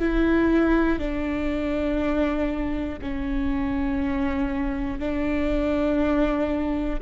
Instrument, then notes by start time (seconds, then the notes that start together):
viola
0.00 E4
0.99 D4
3.01 C#4
5.00 D4